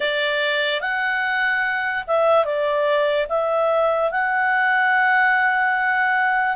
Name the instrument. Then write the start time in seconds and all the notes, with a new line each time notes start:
clarinet
0.00 D5
0.80 F#5
2.07 E5
2.44 D5
3.28 E5
4.11 F#5